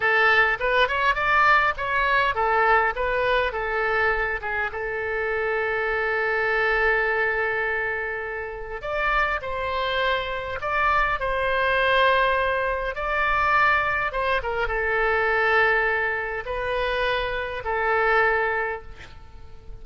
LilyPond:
\new Staff \with { instrumentName = "oboe" } { \time 4/4 \tempo 4 = 102 a'4 b'8 cis''8 d''4 cis''4 | a'4 b'4 a'4. gis'8 | a'1~ | a'2. d''4 |
c''2 d''4 c''4~ | c''2 d''2 | c''8 ais'8 a'2. | b'2 a'2 | }